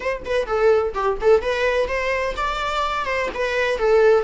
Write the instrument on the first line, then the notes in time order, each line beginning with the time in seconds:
viola
0.00 C5
0.25 B4
0.46 A4
0.94 G4
1.21 A4
1.41 B4
1.87 C5
2.36 D5
3.05 C5
3.34 B4
3.78 A4